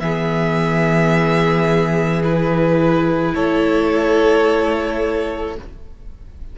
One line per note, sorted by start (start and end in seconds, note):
0.00 3.34 E3
0.00 2.22 B3
0.00 3.34 G#4
0.00 2.22 E5
2.22 5.56 E4
2.22 3.35 B4
3.34 5.59 A3
3.34 5.56 A4
3.34 5.57 C#5